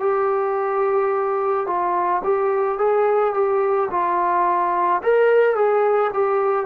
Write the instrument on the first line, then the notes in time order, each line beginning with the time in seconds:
trombone
0.00 G4
1.67 F4
2.24 G4
2.79 G#4
3.34 G4
3.91 F4
5.04 A#4
5.56 G#4
6.14 G4